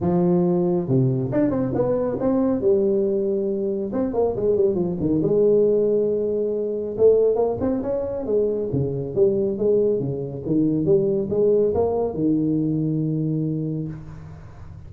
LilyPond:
\new Staff \with { instrumentName = "tuba" } { \time 4/4 \tempo 4 = 138 f2 c4 d'8 c'8 | b4 c'4 g2~ | g4 c'8 ais8 gis8 g8 f8 dis8 | gis1 |
a4 ais8 c'8 cis'4 gis4 | cis4 g4 gis4 cis4 | dis4 g4 gis4 ais4 | dis1 | }